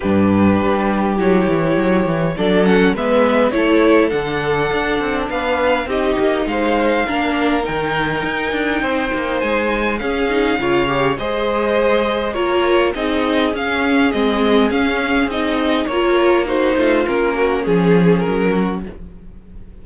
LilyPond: <<
  \new Staff \with { instrumentName = "violin" } { \time 4/4 \tempo 4 = 102 b'2 cis''2 | d''8 fis''8 e''4 cis''4 fis''4~ | fis''4 f''4 dis''4 f''4~ | f''4 g''2. |
gis''4 f''2 dis''4~ | dis''4 cis''4 dis''4 f''4 | dis''4 f''4 dis''4 cis''4 | c''4 ais'4 gis'4 ais'4 | }
  \new Staff \with { instrumentName = "violin" } { \time 4/4 g'1 | a'4 b'4 a'2~ | a'4 b'4 g'4 c''4 | ais'2. c''4~ |
c''4 gis'4 cis''4 c''4~ | c''4 ais'4 gis'2~ | gis'2. ais'4 | fis'8 f'4 fis'8 gis'4. fis'8 | }
  \new Staff \with { instrumentName = "viola" } { \time 4/4 d'2 e'2 | d'8 cis'8 b4 e'4 d'4~ | d'2 dis'2 | d'4 dis'2.~ |
dis'4 cis'8 dis'8 f'8 g'8 gis'4~ | gis'4 f'4 dis'4 cis'4 | c'4 cis'4 dis'4 f'4 | dis'4 cis'2. | }
  \new Staff \with { instrumentName = "cello" } { \time 4/4 g,4 g4 fis8 e8 fis8 e8 | fis4 gis4 a4 d4 | d'8 c'8 b4 c'8 ais8 gis4 | ais4 dis4 dis'8 d'8 c'8 ais8 |
gis4 cis'4 cis4 gis4~ | gis4 ais4 c'4 cis'4 | gis4 cis'4 c'4 ais4~ | ais8 a8 ais4 f4 fis4 | }
>>